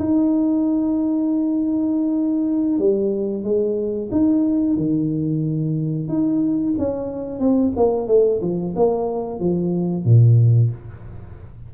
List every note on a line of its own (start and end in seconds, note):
0.00 2.79 D#4
2.79 3.44 G3
3.44 4.10 G#3
4.12 4.77 D#4
4.77 6.09 D#3
6.09 6.75 D#4
6.79 7.40 C#4
7.40 7.73 C4
7.77 8.08 A#3
8.08 8.41 A3
8.42 8.75 F3
8.76 9.40 A#3
9.40 10.05 F3
10.05 10.71 A#2